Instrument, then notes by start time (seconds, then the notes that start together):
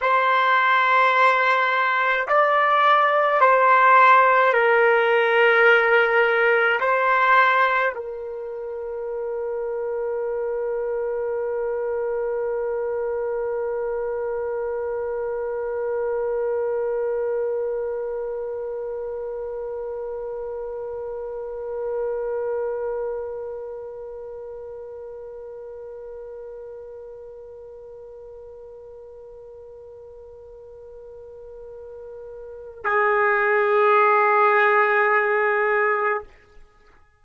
trumpet
0.01 C5
2.27 D5
3.41 C5
4.53 A#4
6.79 C5
7.95 A#4
32.84 G#4